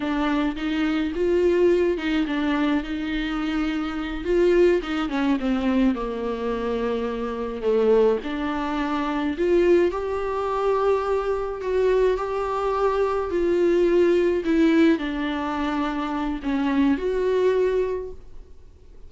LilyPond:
\new Staff \with { instrumentName = "viola" } { \time 4/4 \tempo 4 = 106 d'4 dis'4 f'4. dis'8 | d'4 dis'2~ dis'8 f'8~ | f'8 dis'8 cis'8 c'4 ais4.~ | ais4. a4 d'4.~ |
d'8 f'4 g'2~ g'8~ | g'8 fis'4 g'2 f'8~ | f'4. e'4 d'4.~ | d'4 cis'4 fis'2 | }